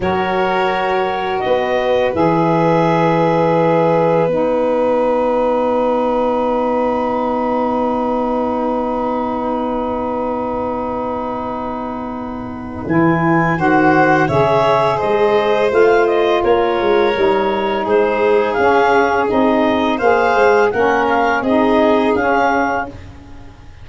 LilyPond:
<<
  \new Staff \with { instrumentName = "clarinet" } { \time 4/4 \tempo 4 = 84 cis''2 dis''4 e''4~ | e''2 fis''2~ | fis''1~ | fis''1~ |
fis''2 gis''4 fis''4 | e''4 dis''4 f''8 dis''8 cis''4~ | cis''4 c''4 f''4 dis''4 | f''4 fis''8 f''8 dis''4 f''4 | }
  \new Staff \with { instrumentName = "violin" } { \time 4/4 ais'2 b'2~ | b'1~ | b'1~ | b'1~ |
b'2. c''4 | cis''4 c''2 ais'4~ | ais'4 gis'2. | c''4 ais'4 gis'2 | }
  \new Staff \with { instrumentName = "saxophone" } { \time 4/4 fis'2. gis'4~ | gis'2 dis'2~ | dis'1~ | dis'1~ |
dis'2 e'4 fis'4 | gis'2 f'2 | dis'2 cis'4 dis'4 | gis'4 cis'4 dis'4 cis'4 | }
  \new Staff \with { instrumentName = "tuba" } { \time 4/4 fis2 b4 e4~ | e2 b2~ | b1~ | b1~ |
b2 e4 dis4 | cis4 gis4 a4 ais8 gis8 | g4 gis4 cis'4 c'4 | ais8 gis8 ais4 c'4 cis'4 | }
>>